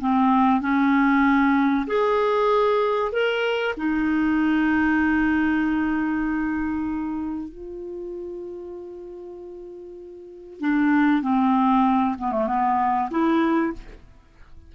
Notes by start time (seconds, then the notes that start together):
0.00 C4
0.61 C#4
1.87 G#4
3.12 A#4
3.77 D#4
7.49 F4
10.60 D4
11.22 C4
12.18 B3
12.32 A3
12.47 B3
13.11 E4